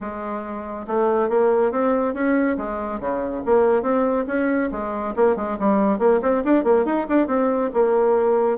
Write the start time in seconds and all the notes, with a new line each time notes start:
0.00 G#3
0.87 A3
1.29 A#3
1.71 C4
2.14 C#4
2.57 G#3
3.00 C#3
3.45 A#3
3.82 C4
4.27 C#4
4.71 G#3
5.15 A#3
5.36 G#3
5.59 G3
5.99 A#3
6.22 C4
6.44 D4
6.64 A#3
6.85 D#4
7.09 D4
7.27 C4
7.73 A#3